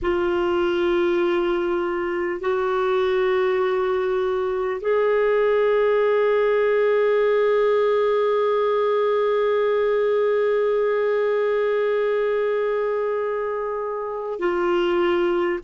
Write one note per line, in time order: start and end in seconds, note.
0.02 2.40 F4
2.40 4.80 F#4
4.80 14.39 G#4
14.39 15.59 F4